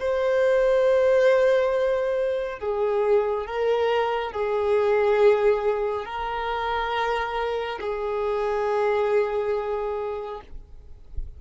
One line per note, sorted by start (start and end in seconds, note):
0.00 2.60 C5
2.60 3.47 G#4
3.47 4.33 A#4
4.33 6.06 G#4
6.06 7.80 A#4
7.81 10.42 G#4